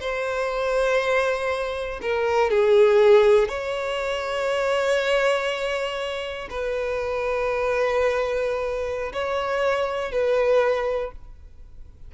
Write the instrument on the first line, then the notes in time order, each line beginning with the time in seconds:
violin
0.00 C5
2.02 A#4
2.50 G#4
3.48 C#5
6.50 B4
9.13 C#5
10.12 B4